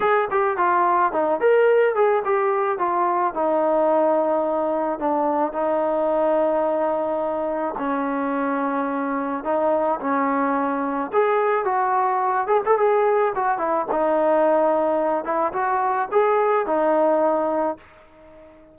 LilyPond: \new Staff \with { instrumentName = "trombone" } { \time 4/4 \tempo 4 = 108 gis'8 g'8 f'4 dis'8 ais'4 gis'8 | g'4 f'4 dis'2~ | dis'4 d'4 dis'2~ | dis'2 cis'2~ |
cis'4 dis'4 cis'2 | gis'4 fis'4. gis'16 a'16 gis'4 | fis'8 e'8 dis'2~ dis'8 e'8 | fis'4 gis'4 dis'2 | }